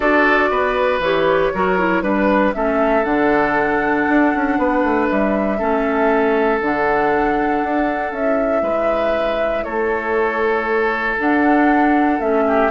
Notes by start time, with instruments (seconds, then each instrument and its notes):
0.00 bassoon D4, clarinet F#4, oboe A4, flute D5
0.50 bassoon B3, oboe B4
0.99 bassoon E3, clarinet G4, flute C#5
1.53 bassoon F#3, clarinet F#4, oboe A#4
1.78 clarinet E4
2.02 bassoon G3, clarinet D4, flute B4, oboe B4
2.54 bassoon A3, clarinet C#4, oboe A4, flute E5
3.04 bassoon D3, clarinet D4, flute F#5
4.08 bassoon D4
4.34 bassoon C#4
4.58 bassoon B3, oboe B4
4.83 bassoon A3
5.07 bassoon G3, flute E5
5.58 bassoon A3, clarinet C#4, oboe A4
6.60 bassoon D3, clarinet D4, flute F#5
7.63 bassoon D4
8.12 bassoon C#4, clarinet E4, flute E5
8.62 bassoon G#3, oboe B4
9.63 bassoon A3, oboe A4, flute C#5
11.18 clarinet D4, bassoon D4, flute F#5
12.19 bassoon A3, clarinet C#4, flute E5
12.47 oboe G4